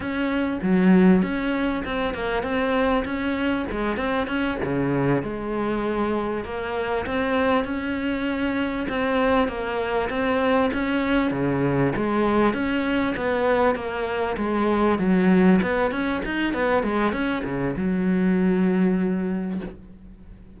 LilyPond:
\new Staff \with { instrumentName = "cello" } { \time 4/4 \tempo 4 = 98 cis'4 fis4 cis'4 c'8 ais8 | c'4 cis'4 gis8 c'8 cis'8 cis8~ | cis8 gis2 ais4 c'8~ | c'8 cis'2 c'4 ais8~ |
ais8 c'4 cis'4 cis4 gis8~ | gis8 cis'4 b4 ais4 gis8~ | gis8 fis4 b8 cis'8 dis'8 b8 gis8 | cis'8 cis8 fis2. | }